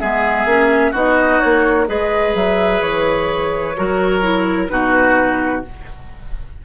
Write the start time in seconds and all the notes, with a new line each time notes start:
0.00 G#3 B3 G#4 E5
0.45 A#3 C#4
0.92 B3 D#4 F#4 D#5
1.40 A#3 C#5
1.88 G#3 G#4 B4 D#5
2.35 F#3 E5
2.82 E3 C#5
3.77 F#3 F#4 A#4
4.22 E4
4.68 B2 D#4 F#4 B4